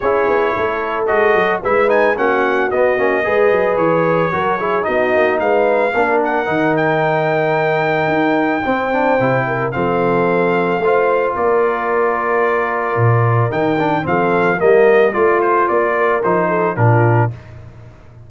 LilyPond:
<<
  \new Staff \with { instrumentName = "trumpet" } { \time 4/4 \tempo 4 = 111 cis''2 dis''4 e''8 gis''8 | fis''4 dis''2 cis''4~ | cis''4 dis''4 f''4. fis''8~ | fis''8 g''2.~ g''8~ |
g''2 f''2~ | f''4 d''2.~ | d''4 g''4 f''4 dis''4 | d''8 c''8 d''4 c''4 ais'4 | }
  \new Staff \with { instrumentName = "horn" } { \time 4/4 gis'4 a'2 b'4 | fis'2 b'2 | ais'8 gis'8 fis'4 b'4 ais'4~ | ais'1 |
c''4. ais'8 a'2 | c''4 ais'2.~ | ais'2 a'4 ais'4 | f'4. ais'4 a'8 f'4 | }
  \new Staff \with { instrumentName = "trombone" } { \time 4/4 e'2 fis'4 e'8 dis'8 | cis'4 b8 cis'8 gis'2 | fis'8 e'8 dis'2 d'4 | dis'1 |
c'8 d'8 e'4 c'2 | f'1~ | f'4 dis'8 d'8 c'4 ais4 | f'2 dis'4 d'4 | }
  \new Staff \with { instrumentName = "tuba" } { \time 4/4 cis'8 b8 a4 gis8 fis8 gis4 | ais4 b8 ais8 gis8 fis8 e4 | fis4 b8 ais8 gis4 ais4 | dis2. dis'4 |
c'4 c4 f2 | a4 ais2. | ais,4 dis4 f4 g4 | a4 ais4 f4 ais,4 | }
>>